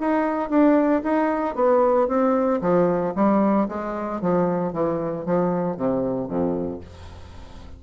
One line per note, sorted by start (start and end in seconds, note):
0.00 0.50 D#4
0.50 1.02 D4
1.04 1.55 D#4
1.55 2.08 B3
2.08 2.61 C4
2.61 3.14 F3
3.15 3.68 G3
3.69 4.21 G#3
4.21 4.73 F3
4.73 5.26 E3
5.26 5.77 F3
5.77 6.28 C3
6.28 6.81 F2